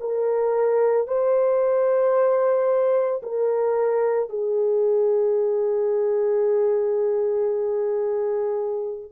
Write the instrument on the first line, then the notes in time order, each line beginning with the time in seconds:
horn
0.00 A#4
1.07 C5
3.22 A#4
4.29 G#4